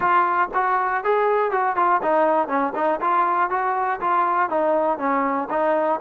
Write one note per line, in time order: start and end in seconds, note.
0.00 0.49 F4
0.54 1.04 F#4
1.04 1.51 G#4
1.51 1.76 F#4
1.76 2.01 F4
2.02 2.48 D#4
2.48 2.73 C#4
2.75 3.00 D#4
3.00 3.50 F4
3.50 4.00 F#4
4.00 4.49 F4
4.49 4.98 D#4
4.98 5.48 C#4
5.50 6.00 D#4